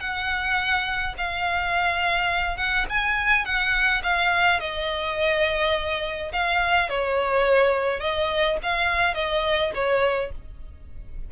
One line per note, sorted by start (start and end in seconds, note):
0.00 1.14 F#5
1.17 2.57 F5
2.57 2.86 F#5
2.89 3.45 G#5
3.45 4.02 F#5
4.03 4.60 F5
4.60 6.31 D#5
6.33 6.89 F5
6.89 8.00 C#5
8.00 8.57 D#5
8.63 9.14 F5
9.14 9.71 D#5
9.74 10.31 C#5